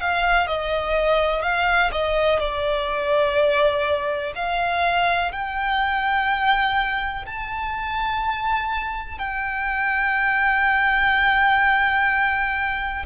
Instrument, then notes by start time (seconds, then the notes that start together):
violin
0.00 F5
0.47 D#5
1.42 F5
1.92 D#5
2.39 D5
4.35 F5
5.31 G5
7.25 A5
9.18 G5